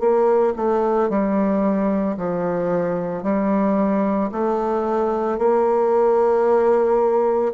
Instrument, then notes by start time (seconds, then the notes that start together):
bassoon
0.00 A#3
0.56 A3
1.10 G3
2.17 F3
3.23 G3
4.32 A3
5.38 A#3